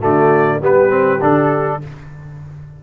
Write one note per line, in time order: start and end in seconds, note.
0.00 0.61 D3
0.00 0.59 A3
0.00 0.61 F#4
0.00 0.62 D5
0.61 1.20 G3
0.61 0.89 B3
0.61 1.80 G4
0.61 1.24 B4
0.89 1.19 C4
1.21 1.82 D3
1.21 1.81 D4
1.21 1.83 A4